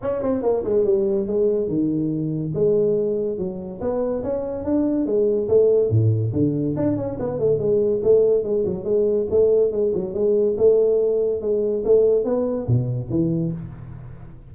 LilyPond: \new Staff \with { instrumentName = "tuba" } { \time 4/4 \tempo 4 = 142 cis'8 c'8 ais8 gis8 g4 gis4 | dis2 gis2 | fis4 b4 cis'4 d'4 | gis4 a4 a,4 d4 |
d'8 cis'8 b8 a8 gis4 a4 | gis8 fis8 gis4 a4 gis8 fis8 | gis4 a2 gis4 | a4 b4 b,4 e4 | }